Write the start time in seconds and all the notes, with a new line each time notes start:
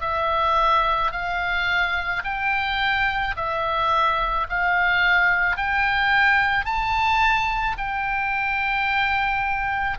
0.00 E5
1.11 F5
2.24 G5
3.36 E5
4.48 F5
5.57 G5
6.65 A5
7.77 G5